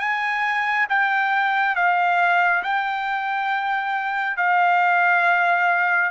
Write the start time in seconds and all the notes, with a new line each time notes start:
0.00 G#5
0.89 G5
1.76 F5
2.63 G5
4.37 F5